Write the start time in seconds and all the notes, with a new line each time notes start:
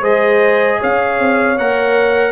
0.00 G#3 G#4 C5 D#5
0.79 C#4 C#5 F5
1.19 C4
1.58 A#3 A#4 F#5